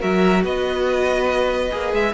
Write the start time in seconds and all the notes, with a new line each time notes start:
0.00 F#3 F#4 A#4 E5
0.44 B3 B4 D#5
1.71 A#3 G#4
1.93 G#3 E5